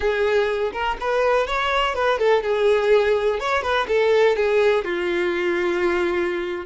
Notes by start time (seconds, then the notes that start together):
0.00 G#4
0.73 A#4
1.00 B4
1.46 C#5
1.94 B4
2.19 A4
2.42 G#4
3.39 C#5
3.62 B4
3.88 A4
4.35 G#4
4.84 F4